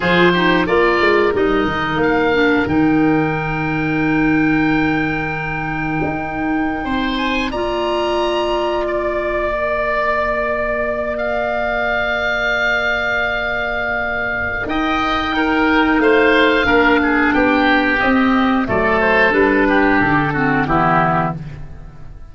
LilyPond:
<<
  \new Staff \with { instrumentName = "oboe" } { \time 4/4 \tempo 4 = 90 c''4 d''4 dis''4 f''4 | g''1~ | g''2~ g''8. gis''8 ais''8.~ | ais''4~ ais''16 d''2~ d''8.~ |
d''8. f''2.~ f''16~ | f''2 g''2 | f''2 g''4 dis''4 | d''8 c''8 b'4 a'4 g'4 | }
  \new Staff \with { instrumentName = "oboe" } { \time 4/4 gis'8 g'8 ais'2.~ | ais'1~ | ais'2~ ais'16 c''4 d''8.~ | d''1~ |
d''1~ | d''2 dis''4 ais'4 | c''4 ais'8 gis'8 g'2 | a'4. g'4 fis'8 e'4 | }
  \new Staff \with { instrumentName = "clarinet" } { \time 4/4 f'8 dis'8 f'4 dis'4. d'8 | dis'1~ | dis'2.~ dis'16 f'8.~ | f'2~ f'16 ais'4.~ ais'16~ |
ais'1~ | ais'2. dis'4~ | dis'4 d'2 c'4 | a4 d'4. c'8 b4 | }
  \new Staff \with { instrumentName = "tuba" } { \time 4/4 f4 ais8 gis8 g8 dis8 ais4 | dis1~ | dis4 dis'4~ dis'16 c'4 ais8.~ | ais1~ |
ais1~ | ais2 dis'2 | a4 ais4 b4 c'4 | fis4 g4 d4 e4 | }
>>